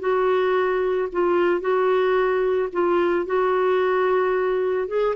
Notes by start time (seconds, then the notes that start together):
0.00 F#4
1.12 F4
1.61 F#4
2.73 F4
3.26 F#4
4.88 G#4